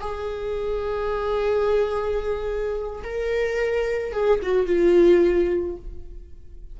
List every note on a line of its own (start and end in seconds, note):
0.00 3.03 G#4
3.03 4.12 A#4
4.12 4.40 G#4
4.42 4.66 F#4
4.66 5.76 F4